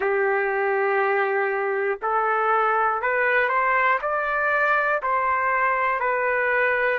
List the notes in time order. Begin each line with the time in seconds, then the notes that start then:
0.00 G4
2.02 A4
3.01 B4
3.49 C5
4.01 D5
5.02 C5
6.00 B4